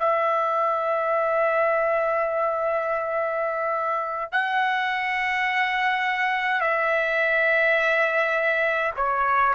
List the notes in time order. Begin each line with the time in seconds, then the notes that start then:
0.00 E5
4.33 F#5
6.61 E5
8.97 C#5